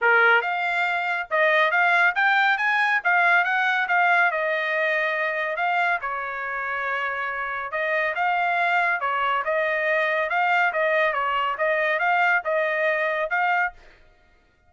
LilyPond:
\new Staff \with { instrumentName = "trumpet" } { \time 4/4 \tempo 4 = 140 ais'4 f''2 dis''4 | f''4 g''4 gis''4 f''4 | fis''4 f''4 dis''2~ | dis''4 f''4 cis''2~ |
cis''2 dis''4 f''4~ | f''4 cis''4 dis''2 | f''4 dis''4 cis''4 dis''4 | f''4 dis''2 f''4 | }